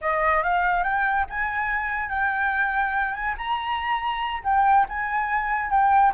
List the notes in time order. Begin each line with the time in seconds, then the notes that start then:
0.01 D#5
0.43 F5
0.83 G5
1.29 G#5
2.09 G5
3.14 G#5
3.37 A#5
4.43 G5
4.88 G#5
5.70 G5